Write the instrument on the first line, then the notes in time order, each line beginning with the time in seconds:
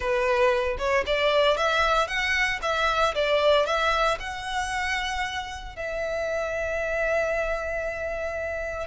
violin
0.00 B4
0.78 C#5
1.06 D5
1.57 E5
2.07 F#5
2.62 E5
3.14 D5
3.65 E5
4.19 F#5
5.76 E5